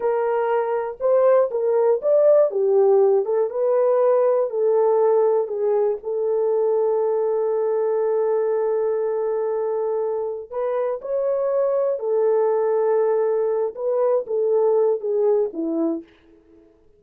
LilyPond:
\new Staff \with { instrumentName = "horn" } { \time 4/4 \tempo 4 = 120 ais'2 c''4 ais'4 | d''4 g'4. a'8 b'4~ | b'4 a'2 gis'4 | a'1~ |
a'1~ | a'4 b'4 cis''2 | a'2.~ a'8 b'8~ | b'8 a'4. gis'4 e'4 | }